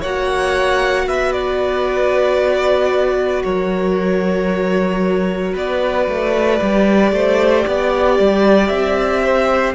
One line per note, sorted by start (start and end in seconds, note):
0.00 1.06 A#3
0.00 6.60 F#4
0.00 1.05 C#5
0.00 1.08 F#5
1.06 3.43 B3
1.06 3.44 B4
1.06 1.32 E5
1.32 3.42 D5
3.43 5.55 F#3
3.43 5.53 A#4
3.43 5.54 C#5
5.53 6.07 B3
5.53 7.11 B4
5.53 8.67 D5
6.08 6.60 A3
6.60 7.12 G3
6.60 9.75 G4
7.12 7.64 A3
7.12 7.65 C5
7.65 8.19 B3
7.65 9.23 D5
8.19 8.70 G3
8.67 9.75 C4
8.67 9.72 E5
9.23 9.75 C5